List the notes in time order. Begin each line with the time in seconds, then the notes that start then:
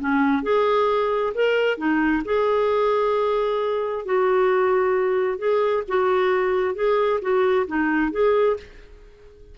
0.00 C#4
0.43 G#4
1.34 A#4
1.78 D#4
2.25 G#4
4.05 F#4
5.38 G#4
5.88 F#4
6.75 G#4
7.22 F#4
7.67 D#4
8.12 G#4